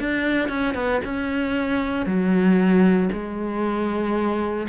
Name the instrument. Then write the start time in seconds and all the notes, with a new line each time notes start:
cello
0.00 D4
0.49 C#4
0.75 B3
1.05 C#4
2.06 F#3
3.13 G#3